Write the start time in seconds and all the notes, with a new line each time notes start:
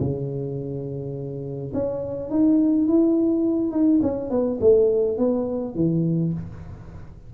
0.00 C#3
1.74 C#4
2.30 D#4
2.88 E4
3.72 D#4
4.02 C#4
4.31 B3
4.61 A3
5.18 B3
5.75 E3